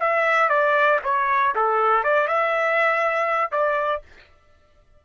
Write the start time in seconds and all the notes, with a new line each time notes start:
0.00 E5
0.49 D5
1.04 C#5
1.55 A4
2.04 D5
2.28 E5
3.52 D5